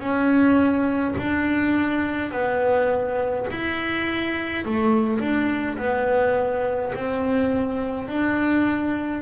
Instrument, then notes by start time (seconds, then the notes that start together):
double bass
0.00 C#4
1.18 D4
2.32 B3
3.51 E4
4.65 A3
5.20 D4
5.78 B3
6.95 C4
8.08 D4